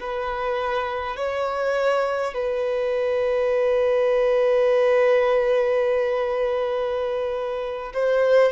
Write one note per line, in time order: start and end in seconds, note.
0.00 1.17 B4
1.17 2.35 C#5
2.35 7.94 B4
7.94 8.52 C5